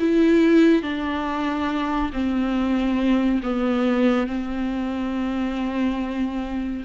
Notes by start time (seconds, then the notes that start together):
0.00 E4
0.83 D4
2.13 C4
3.43 B3
4.27 C4